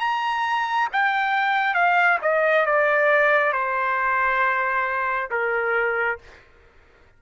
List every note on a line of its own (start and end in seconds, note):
0.00 0.88 A#5
0.93 1.74 G5
1.74 2.18 F5
2.22 2.66 D#5
2.66 3.53 D5
3.53 5.29 C5
5.31 6.19 A#4